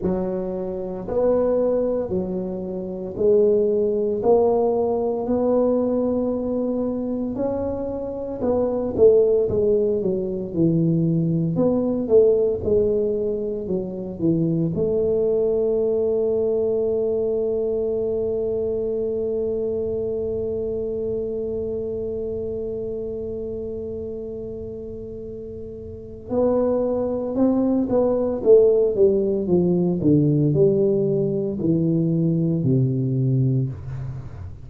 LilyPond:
\new Staff \with { instrumentName = "tuba" } { \time 4/4 \tempo 4 = 57 fis4 b4 fis4 gis4 | ais4 b2 cis'4 | b8 a8 gis8 fis8 e4 b8 a8 | gis4 fis8 e8 a2~ |
a1~ | a1~ | a4 b4 c'8 b8 a8 g8 | f8 d8 g4 e4 c4 | }